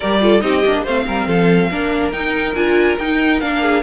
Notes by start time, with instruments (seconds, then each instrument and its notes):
0.00 cello G3, viola G4, violin A#4 D5
0.21 viola F4, violin A4
0.40 cello C4, viola D#4, violin G4 D#5
0.65 cello A#3, viola D4
0.83 cello A3, viola C4, violin C5 F5
1.07 cello G3, violin A#4
1.27 cello F3, violin A4
1.71 cello A#3, viola D4, violin A#4
2.12 viola D#4, cello D#4, violin G5
2.54 cello D4, viola F4, violin G#5
2.98 cello D#4, viola D#4, violin G5
3.40 cello A#3, viola D4, violin F5
3.61 violin G#4